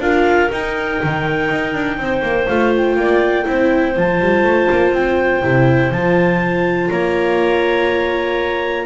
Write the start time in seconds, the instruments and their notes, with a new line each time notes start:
0.00 double bass D4, viola F4, clarinet A#4 F5
0.51 viola D#4, double bass D#4, clarinet G5
1.03 double bass D#3
1.51 double bass D#4
1.74 double bass D4
1.97 double bass C4, clarinet C5
2.23 double bass A#3
2.48 double bass A3, viola F4, clarinet F5
2.77 clarinet G5
2.96 double bass A#3, clarinet D5
3.45 double bass C4, viola E4, clarinet C5
3.96 double bass F3, viola F4, clarinet A5
4.21 double bass G3
4.43 double bass A3
4.71 double bass A#3
4.93 double bass C4, clarinet G5
5.43 double bass C3, viola E4
5.91 double bass F3, viola F4, clarinet A5
6.91 double bass A#3, clarinet C#5 A#5